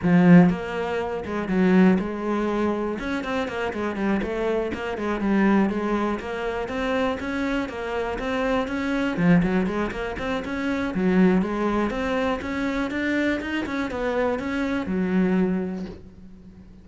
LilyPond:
\new Staff \with { instrumentName = "cello" } { \time 4/4 \tempo 4 = 121 f4 ais4. gis8 fis4 | gis2 cis'8 c'8 ais8 gis8 | g8 a4 ais8 gis8 g4 gis8~ | gis8 ais4 c'4 cis'4 ais8~ |
ais8 c'4 cis'4 f8 fis8 gis8 | ais8 c'8 cis'4 fis4 gis4 | c'4 cis'4 d'4 dis'8 cis'8 | b4 cis'4 fis2 | }